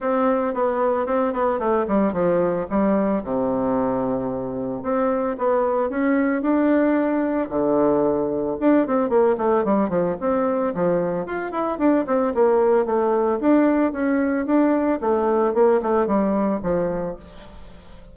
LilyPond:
\new Staff \with { instrumentName = "bassoon" } { \time 4/4 \tempo 4 = 112 c'4 b4 c'8 b8 a8 g8 | f4 g4 c2~ | c4 c'4 b4 cis'4 | d'2 d2 |
d'8 c'8 ais8 a8 g8 f8 c'4 | f4 f'8 e'8 d'8 c'8 ais4 | a4 d'4 cis'4 d'4 | a4 ais8 a8 g4 f4 | }